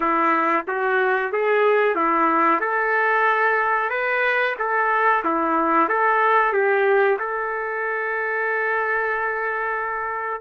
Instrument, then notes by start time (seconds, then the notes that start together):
trumpet
0.00 E4
0.67 F#4
1.32 G#4
1.95 E4
2.60 A4
3.90 B4
4.58 A4
5.24 E4
5.89 A4
6.52 G4
7.19 A4